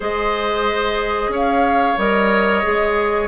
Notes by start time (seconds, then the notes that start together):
0.00 G#3 G#4 C5 D#5
1.28 C#4 C#5
1.35 F5
1.97 G3 A#4 D#5
2.62 G#3 G#4